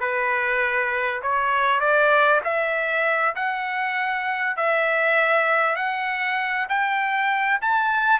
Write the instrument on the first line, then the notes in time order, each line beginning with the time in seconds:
trumpet
0.00 B4
1.22 C#5
1.80 D5
2.44 E5
3.36 F#5
4.57 E5
5.76 F#5
6.69 G5
7.61 A5